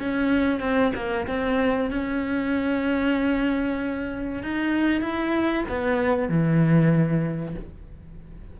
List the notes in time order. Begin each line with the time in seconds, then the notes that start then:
0.00 C#4
0.61 C4
0.96 A#3
1.28 C4
1.91 C#4
4.43 D#4
5.02 E4
5.69 B3
6.29 E3